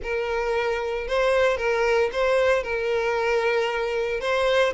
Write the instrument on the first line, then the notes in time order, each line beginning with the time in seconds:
violin
0.02 A#4
1.07 C5
1.57 A#4
2.12 C5
2.63 A#4
4.20 C5